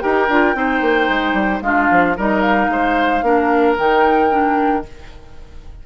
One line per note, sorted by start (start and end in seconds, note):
0.00 0.28 D#4
0.00 0.28 G4
0.00 0.56 A#4
0.00 1.61 G5
0.28 0.55 D4
0.28 0.55 F4
0.55 0.81 C4
0.55 1.62 D#4
0.55 1.64 C5
0.81 1.08 A#3
1.09 1.34 G#3
1.34 1.60 G3
1.61 1.88 G#3
1.61 2.17 D4
1.61 2.17 F4
1.61 2.16 F5
1.91 2.18 F3
2.17 2.69 G3
2.17 3.23 D#4
2.17 2.71 A#4
2.17 2.41 D#5
2.41 3.75 F5
2.69 3.22 G#3
2.69 3.25 C5
3.22 3.76 A#3
3.22 3.77 D4
3.22 4.86 A#4
3.78 4.86 D#3
3.78 4.30 D#4
3.78 4.86 G5
4.30 4.83 D4